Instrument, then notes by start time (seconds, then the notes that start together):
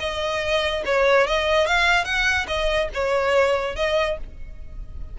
violin
0.00 D#5
0.86 C#5
1.27 D#5
1.67 F5
2.05 F#5
2.48 D#5
2.94 C#5
3.76 D#5